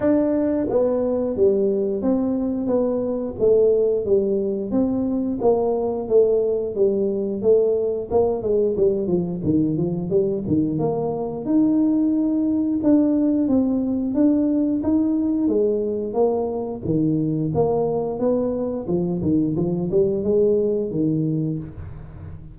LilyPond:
\new Staff \with { instrumentName = "tuba" } { \time 4/4 \tempo 4 = 89 d'4 b4 g4 c'4 | b4 a4 g4 c'4 | ais4 a4 g4 a4 | ais8 gis8 g8 f8 dis8 f8 g8 dis8 |
ais4 dis'2 d'4 | c'4 d'4 dis'4 gis4 | ais4 dis4 ais4 b4 | f8 dis8 f8 g8 gis4 dis4 | }